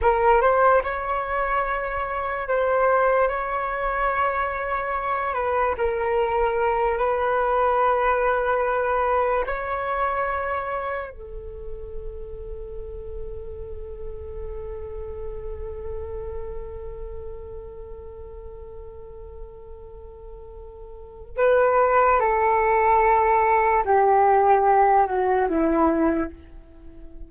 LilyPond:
\new Staff \with { instrumentName = "flute" } { \time 4/4 \tempo 4 = 73 ais'8 c''8 cis''2 c''4 | cis''2~ cis''8 b'8 ais'4~ | ais'8 b'2. cis''8~ | cis''4. a'2~ a'8~ |
a'1~ | a'1~ | a'2 b'4 a'4~ | a'4 g'4. fis'8 e'4 | }